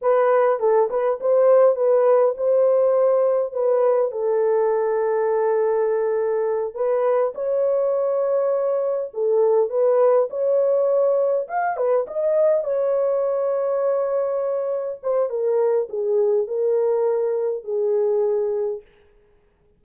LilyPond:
\new Staff \with { instrumentName = "horn" } { \time 4/4 \tempo 4 = 102 b'4 a'8 b'8 c''4 b'4 | c''2 b'4 a'4~ | a'2.~ a'8 b'8~ | b'8 cis''2. a'8~ |
a'8 b'4 cis''2 f''8 | b'8 dis''4 cis''2~ cis''8~ | cis''4. c''8 ais'4 gis'4 | ais'2 gis'2 | }